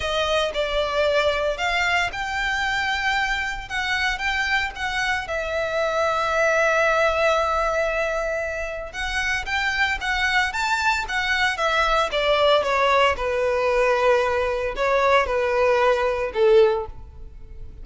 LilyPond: \new Staff \with { instrumentName = "violin" } { \time 4/4 \tempo 4 = 114 dis''4 d''2 f''4 | g''2. fis''4 | g''4 fis''4 e''2~ | e''1~ |
e''4 fis''4 g''4 fis''4 | a''4 fis''4 e''4 d''4 | cis''4 b'2. | cis''4 b'2 a'4 | }